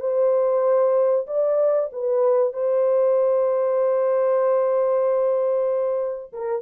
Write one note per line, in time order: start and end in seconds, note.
0.00 1.26 C5
1.27 1.90 D5
1.92 2.53 B4
2.53 6.32 C5
6.33 6.62 A#4